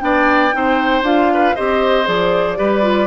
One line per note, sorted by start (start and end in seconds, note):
0.00 0.54 B3
0.00 0.51 D4
0.00 0.56 D5
0.00 1.03 G5
0.53 1.02 C4
0.53 1.04 D#4
0.53 1.33 C5
1.02 1.54 D4
1.02 1.56 F4
1.02 1.56 F5
1.34 1.56 B4
1.56 2.08 C4
1.56 2.05 G4
1.56 2.58 C5
1.56 2.07 D#5
2.05 2.59 F3
2.05 2.57 G#4
2.05 3.08 D5
2.57 3.08 G3
2.57 2.82 G4
2.57 3.08 B4
2.83 3.08 F4